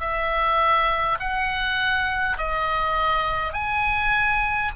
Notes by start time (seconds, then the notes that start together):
0.00 E5
1.19 F#5
2.37 D#5
3.53 G#5